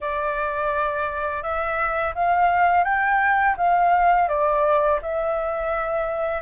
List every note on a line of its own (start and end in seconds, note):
0.01 1.42 D5
1.42 2.14 E5
2.14 2.84 F5
2.84 3.55 G5
3.57 4.28 F5
4.28 4.99 D5
5.02 6.41 E5